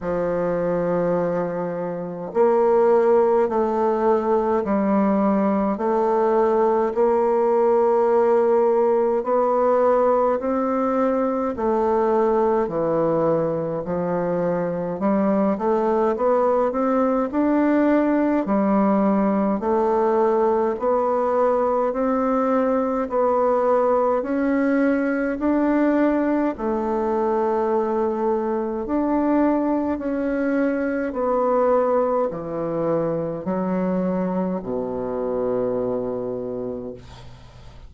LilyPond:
\new Staff \with { instrumentName = "bassoon" } { \time 4/4 \tempo 4 = 52 f2 ais4 a4 | g4 a4 ais2 | b4 c'4 a4 e4 | f4 g8 a8 b8 c'8 d'4 |
g4 a4 b4 c'4 | b4 cis'4 d'4 a4~ | a4 d'4 cis'4 b4 | e4 fis4 b,2 | }